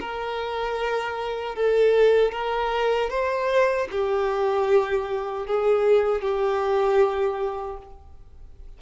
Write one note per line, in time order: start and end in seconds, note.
0.00 1.55 A#4
1.55 2.32 A4
2.32 3.10 A#4
3.10 3.87 C5
3.91 5.46 G4
5.46 6.21 G#4
6.21 7.77 G4